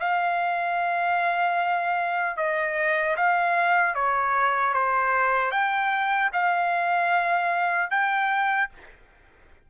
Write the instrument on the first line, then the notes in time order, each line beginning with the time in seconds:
trumpet
0.00 F5
2.37 D#5
3.17 F5
3.95 C#5
4.74 C5
5.51 G5
6.33 F5
7.91 G5